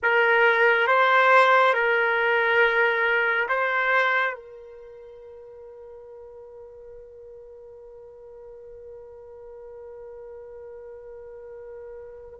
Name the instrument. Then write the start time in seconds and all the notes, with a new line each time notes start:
trumpet
0.02 A#4
0.87 C5
1.73 A#4
3.48 C5
4.34 A#4